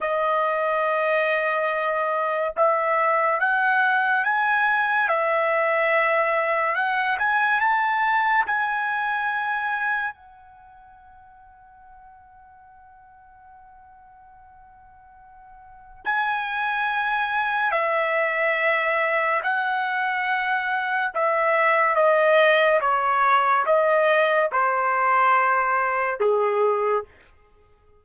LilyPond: \new Staff \with { instrumentName = "trumpet" } { \time 4/4 \tempo 4 = 71 dis''2. e''4 | fis''4 gis''4 e''2 | fis''8 gis''8 a''4 gis''2 | fis''1~ |
fis''2. gis''4~ | gis''4 e''2 fis''4~ | fis''4 e''4 dis''4 cis''4 | dis''4 c''2 gis'4 | }